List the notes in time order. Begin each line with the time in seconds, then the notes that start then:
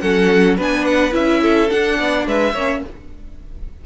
0.00 F#3 C#4 A4 F#5
0.57 B3 D4 B4 G#5
0.85 F#5
1.12 C#4 E4 E5
1.42 A4
1.69 D4 F#5
1.99 B3 D5
2.26 G#3 B4 E5
2.53 A#3 C#4 C#5